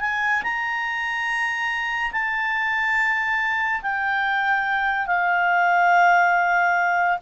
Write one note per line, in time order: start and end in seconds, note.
0.00 0.42 G#5
0.43 2.12 A#5
2.12 3.81 A5
3.82 5.06 G5
5.06 7.18 F5